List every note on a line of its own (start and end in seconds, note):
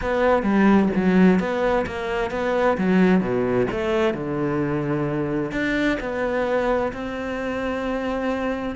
0.01 0.43 B3
0.43 0.89 G3
0.95 1.39 F#3
1.39 1.85 B3
1.86 2.31 A#3
2.31 2.77 B3
2.77 3.20 F#3
3.20 3.67 B2
3.71 4.13 A3
4.13 5.51 D3
5.51 5.97 D4
6.00 6.92 B3
6.92 8.75 C4